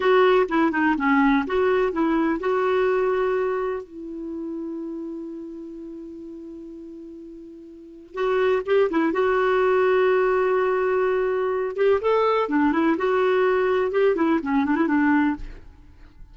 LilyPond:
\new Staff \with { instrumentName = "clarinet" } { \time 4/4 \tempo 4 = 125 fis'4 e'8 dis'8 cis'4 fis'4 | e'4 fis'2. | e'1~ | e'1~ |
e'4 fis'4 g'8 e'8 fis'4~ | fis'1~ | fis'8 g'8 a'4 d'8 e'8 fis'4~ | fis'4 g'8 e'8 cis'8 d'16 e'16 d'4 | }